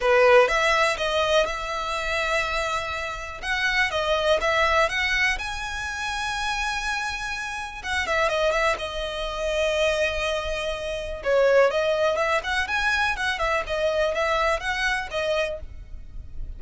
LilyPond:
\new Staff \with { instrumentName = "violin" } { \time 4/4 \tempo 4 = 123 b'4 e''4 dis''4 e''4~ | e''2. fis''4 | dis''4 e''4 fis''4 gis''4~ | gis''1 |
fis''8 e''8 dis''8 e''8 dis''2~ | dis''2. cis''4 | dis''4 e''8 fis''8 gis''4 fis''8 e''8 | dis''4 e''4 fis''4 dis''4 | }